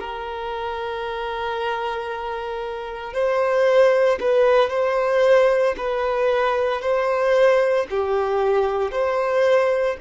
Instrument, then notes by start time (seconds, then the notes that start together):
violin
0.00 A#4
3.14 C5
4.21 B4
4.70 C5
5.78 B4
6.82 C5
7.90 G4
8.92 C5